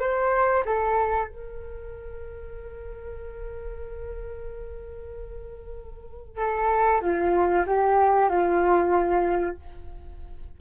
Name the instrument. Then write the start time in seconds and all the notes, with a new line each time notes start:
flute
0.00 C5
0.66 A4
1.28 A#4
6.37 A4
7.01 F4
7.66 G4
8.29 F4